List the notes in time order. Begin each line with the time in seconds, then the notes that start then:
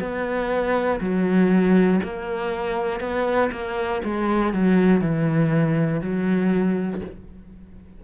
0.00 B3
1.00 F#3
2.04 A#3
3.00 B3
3.52 A#3
4.04 G#3
4.54 F#3
5.01 E3
6.01 F#3